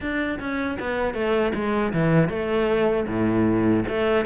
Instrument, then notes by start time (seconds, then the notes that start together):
cello
0.00 D4
0.39 C#4
0.79 B3
1.14 A3
1.54 G#3
1.93 E3
2.29 A3
3.07 A2
3.88 A3